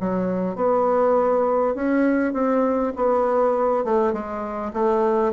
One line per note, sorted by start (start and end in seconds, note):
0.00 0.56 F#3
0.56 1.75 B3
1.75 2.33 C#4
2.33 2.93 C4
2.96 3.84 B3
3.84 4.13 A3
4.13 4.72 G#3
4.73 5.33 A3